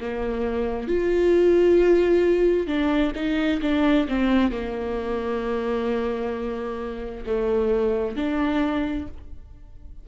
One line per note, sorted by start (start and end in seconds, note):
0.00 0.88 A#3
0.88 2.67 F4
2.67 3.12 D4
3.15 3.61 D#4
3.62 4.07 D4
4.08 4.52 C4
4.52 7.24 A#3
7.26 8.17 A3
8.17 9.07 D4